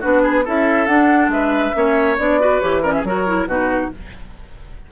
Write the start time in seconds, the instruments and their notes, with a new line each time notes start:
0.00 bassoon B3, clarinet D4, oboe F#4, flute B4
0.22 oboe G#4
0.45 bassoon C#4, clarinet E4, oboe A4, flute E5
0.86 bassoon D4, clarinet D4, flute F#5
1.28 bassoon G#3, oboe B4, flute E5
1.74 bassoon A#3, clarinet C#4, oboe C#5
2.18 bassoon B3, clarinet D4, flute D5
2.40 clarinet F#4, oboe B4
2.60 bassoon E3, clarinet G4, flute C#5
2.82 clarinet C#4, oboe A#4, flute D5
2.92 oboe G#4, flute E5
3.03 bassoon F#3, clarinet F#4, oboe A#4, flute C#5
3.27 clarinet E4
3.46 bassoon B2, clarinet D#4, oboe F#4, flute B4